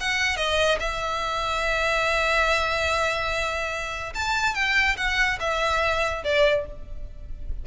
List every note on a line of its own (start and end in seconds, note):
0.00 0.36 F#5
0.36 0.78 D#5
0.80 4.13 E5
4.15 4.54 A5
4.54 4.96 G5
4.97 5.38 F#5
5.40 6.23 E5
6.24 6.66 D5